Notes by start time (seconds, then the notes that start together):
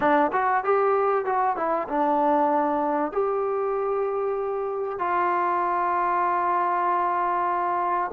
0.00 D4
0.32 F#4
0.64 G4
1.25 F#4
1.56 E4
1.88 D4
3.12 G4
4.98 F4